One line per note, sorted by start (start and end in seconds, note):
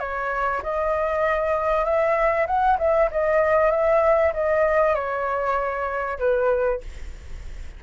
0.00 0.62 C#5
0.63 1.85 D#5
1.85 2.47 E5
2.47 2.78 F#5
2.79 3.10 E5
3.12 3.71 D#5
3.71 4.33 E5
4.34 4.95 D#5
4.95 6.19 C#5
6.19 6.81 B4